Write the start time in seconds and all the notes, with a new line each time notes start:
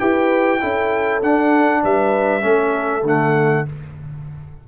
0.00 E4 G4 B4 G5
0.61 C#4 E4 A4
1.22 D4 F#5
1.83 G3 B4 E5
2.42 A3 C#4 A4
3.03 D3 A3 F#5